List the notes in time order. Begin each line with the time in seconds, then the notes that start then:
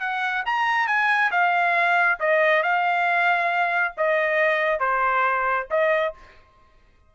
0.00 F#5
0.46 A#5
0.87 G#5
1.31 F5
2.20 D#5
2.63 F5
3.97 D#5
4.80 C5
5.70 D#5